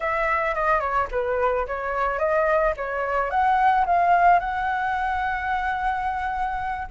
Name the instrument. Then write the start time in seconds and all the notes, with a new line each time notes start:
flute
0.00 E5
0.54 D#5
0.80 C#5
1.11 B4
1.66 C#5
2.18 D#5
2.76 C#5
3.30 F#5
3.86 F5
4.39 F#5